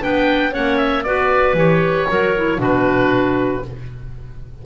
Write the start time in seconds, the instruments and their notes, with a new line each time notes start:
0.00 double bass B3, clarinet D4 B4, oboe G5
0.52 double bass A#3, clarinet C#4 C#5, oboe F#5
0.78 oboe E5
1.04 double bass B3, clarinet F#4 B4, oboe D5
1.54 double bass E3, clarinet G4, oboe C#5
2.08 double bass F#3, clarinet F#4 A#4
2.37 clarinet E4
2.58 double bass B2, clarinet D4 F#4, oboe B4